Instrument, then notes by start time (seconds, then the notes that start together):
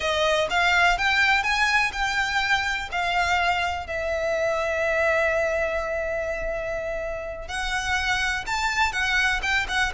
violin
0.00 D#5
0.50 F5
0.98 G5
1.43 G#5
1.92 G5
2.91 F5
3.86 E5
7.48 F#5
8.46 A5
8.92 F#5
9.42 G5
9.68 F#5